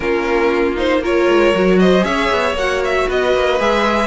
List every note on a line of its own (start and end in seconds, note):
0.00 1.27 A#3
0.00 0.76 C#4
0.00 1.02 F4
0.00 0.76 A#4
0.76 1.01 D#4
0.76 1.03 C5
1.02 1.54 F4
1.02 1.79 A#4
1.02 1.79 C#5
1.28 1.54 G#3
1.54 2.04 F#3
1.54 2.01 F#4
1.79 2.06 C5
1.79 2.04 D#5
2.01 2.29 C#4
2.01 2.52 G#4
2.01 3.07 C#5
2.01 2.55 E5
2.31 2.53 B3
2.53 3.05 A#3
2.53 3.59 F#4
2.53 2.83 F#5
2.84 3.10 E5
3.07 3.34 B3
3.07 4.07 B4
3.07 3.60 D#5
3.34 3.59 A#3
3.59 4.07 G#3
3.59 4.07 G#4
3.59 4.07 E5